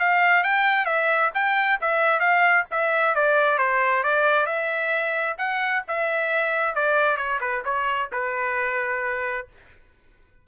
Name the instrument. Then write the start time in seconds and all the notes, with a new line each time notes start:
trumpet
0.00 F5
0.44 G5
0.86 E5
1.35 G5
1.81 E5
2.20 F5
2.71 E5
3.15 D5
3.59 C5
4.04 D5
4.47 E5
5.38 F#5
5.88 E5
6.75 D5
7.17 C#5
7.41 B4
7.65 C#5
8.12 B4